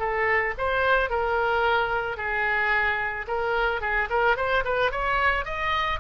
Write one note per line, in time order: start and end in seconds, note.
0.00 0.55 A4
0.58 1.10 C5
1.10 2.17 A#4
2.17 3.27 G#4
3.28 3.82 A#4
3.82 4.09 G#4
4.10 4.37 A#4
4.37 4.64 C5
4.65 4.92 B4
4.92 5.45 C#5
5.45 6.00 D#5